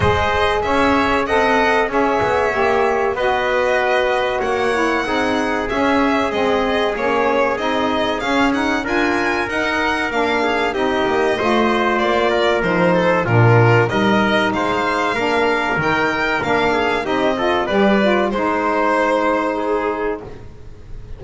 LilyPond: <<
  \new Staff \with { instrumentName = "violin" } { \time 4/4 \tempo 4 = 95 dis''4 e''4 fis''4 e''4~ | e''4 dis''2 fis''4~ | fis''4 e''4 dis''4 cis''4 | dis''4 f''8 fis''8 gis''4 fis''4 |
f''4 dis''2 d''4 | c''4 ais'4 dis''4 f''4~ | f''4 g''4 f''4 dis''4 | d''4 c''2. | }
  \new Staff \with { instrumentName = "trumpet" } { \time 4/4 c''4 cis''4 dis''4 cis''4~ | cis''4 b'2 cis''4 | gis'1~ | gis'2 ais'2~ |
ais'8 gis'8 g'4 c''4. ais'8~ | ais'8 a'8 f'4 ais'4 c''4 | ais'2~ ais'8 gis'8 g'8 a'8 | b'4 c''2 gis'4 | }
  \new Staff \with { instrumentName = "saxophone" } { \time 4/4 gis'2 a'4 gis'4 | g'4 fis'2~ fis'8 e'8 | dis'4 cis'4 c'4 cis'4 | dis'4 cis'8 dis'8 f'4 dis'4 |
d'4 dis'4 f'2 | dis'4 d'4 dis'2 | d'4 dis'4 d'4 dis'8 f'8 | g'8 f'8 dis'2. | }
  \new Staff \with { instrumentName = "double bass" } { \time 4/4 gis4 cis'4 c'4 cis'8 b8 | ais4 b2 ais4 | c'4 cis'4 gis4 ais4 | c'4 cis'4 d'4 dis'4 |
ais4 c'8 ais8 a4 ais4 | f4 ais,4 g4 gis4 | ais4 dis4 ais4 c'4 | g4 gis2. | }
>>